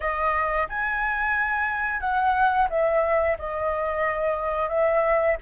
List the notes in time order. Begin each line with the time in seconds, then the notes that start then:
0.00 D#5
0.68 G#5
2.00 F#5
2.69 E5
3.38 D#5
4.69 E5